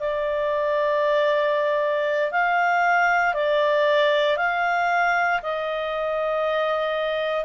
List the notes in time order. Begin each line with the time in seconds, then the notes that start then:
0.00 D5
2.32 F5
3.34 D5
4.37 F5
5.43 D#5